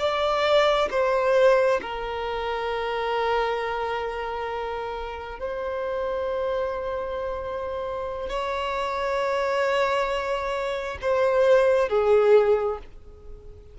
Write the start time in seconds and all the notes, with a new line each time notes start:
0.00 D5
0.91 C5
1.82 A#4
5.40 C5
8.30 C#5
11.02 C5
11.89 G#4